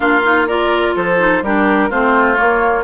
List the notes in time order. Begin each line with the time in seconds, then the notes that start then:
0.00 A#3 D4 F4 F5
0.23 D#4
0.47 F4 A#4 D5
0.95 F3 A4 C5
1.18 D#4
1.42 G3 D4 G4 A#4
1.89 A3 C4 F4 C5
2.36 A#3 C#5